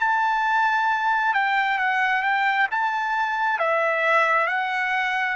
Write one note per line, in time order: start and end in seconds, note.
0.00 1.34 A5
1.34 1.78 G5
1.78 2.23 F#5
2.23 2.68 G5
2.71 3.59 A5
3.59 4.47 E5
4.47 5.36 F#5